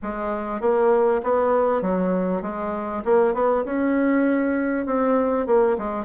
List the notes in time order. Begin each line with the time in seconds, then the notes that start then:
0.02 G#3
0.61 A#3
1.23 B3
1.81 F#3
2.42 G#3
3.05 A#3
3.34 B3
3.64 C#4
4.86 C4
5.46 A#3
5.77 G#3